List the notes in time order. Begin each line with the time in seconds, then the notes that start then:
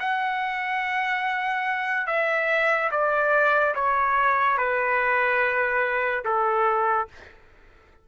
0.00 F#5
2.07 E5
2.91 D5
3.75 C#5
4.58 B4
6.25 A4